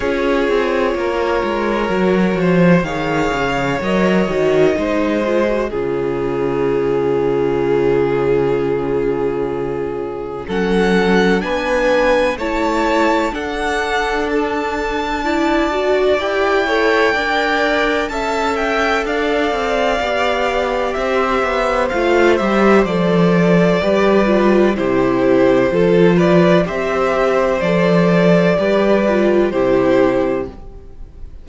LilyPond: <<
  \new Staff \with { instrumentName = "violin" } { \time 4/4 \tempo 4 = 63 cis''2. f''4 | dis''2 cis''2~ | cis''2. fis''4 | gis''4 a''4 fis''4 a''4~ |
a''4 g''2 a''8 g''8 | f''2 e''4 f''8 e''8 | d''2 c''4. d''8 | e''4 d''2 c''4 | }
  \new Staff \with { instrumentName = "violin" } { \time 4/4 gis'4 ais'4. c''8 cis''4~ | cis''4 c''4 gis'2~ | gis'2. a'4 | b'4 cis''4 a'2 |
d''4. cis''8 d''4 e''4 | d''2 c''2~ | c''4 b'4 g'4 a'8 b'8 | c''2 b'4 g'4 | }
  \new Staff \with { instrumentName = "viola" } { \time 4/4 f'2 fis'4 gis'4 | ais'8 fis'8 dis'8 f'16 fis'16 f'2~ | f'2. cis'4 | d'4 e'4 d'2 |
e'8 fis'8 g'8 a'8 ais'4 a'4~ | a'4 g'2 f'8 g'8 | a'4 g'8 f'8 e'4 f'4 | g'4 a'4 g'8 f'8 e'4 | }
  \new Staff \with { instrumentName = "cello" } { \time 4/4 cis'8 c'8 ais8 gis8 fis8 f8 dis8 cis8 | fis8 dis8 gis4 cis2~ | cis2. fis4 | b4 a4 d'2~ |
d'4 e'4 d'4 cis'4 | d'8 c'8 b4 c'8 b8 a8 g8 | f4 g4 c4 f4 | c'4 f4 g4 c4 | }
>>